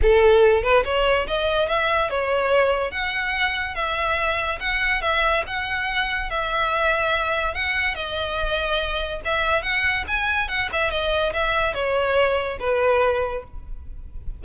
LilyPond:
\new Staff \with { instrumentName = "violin" } { \time 4/4 \tempo 4 = 143 a'4. b'8 cis''4 dis''4 | e''4 cis''2 fis''4~ | fis''4 e''2 fis''4 | e''4 fis''2 e''4~ |
e''2 fis''4 dis''4~ | dis''2 e''4 fis''4 | gis''4 fis''8 e''8 dis''4 e''4 | cis''2 b'2 | }